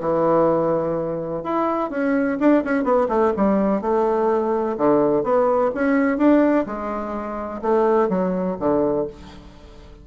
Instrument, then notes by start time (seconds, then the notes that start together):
bassoon
0.00 E3
1.43 E4
1.90 C#4
2.39 D4
2.64 C#4
2.83 B3
3.08 A3
3.36 G3
3.81 A3
4.77 D3
5.23 B3
5.74 C#4
6.17 D4
6.66 G#3
7.61 A3
8.08 F#3
8.59 D3